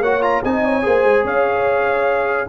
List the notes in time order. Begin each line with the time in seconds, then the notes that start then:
0.00 A#3 F#4 C#5 F#5
0.22 F4 A#5
0.44 C4 D#4 D#5 G#5
0.64 C#5
0.82 A#3 G#4 C5
1.04 G#3
1.24 C#4 C#5 F5